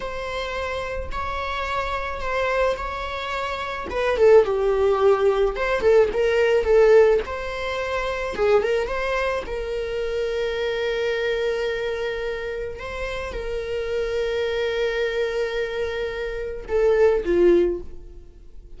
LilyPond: \new Staff \with { instrumentName = "viola" } { \time 4/4 \tempo 4 = 108 c''2 cis''2 | c''4 cis''2 b'8 a'8 | g'2 c''8 a'8 ais'4 | a'4 c''2 gis'8 ais'8 |
c''4 ais'2.~ | ais'2. c''4 | ais'1~ | ais'2 a'4 f'4 | }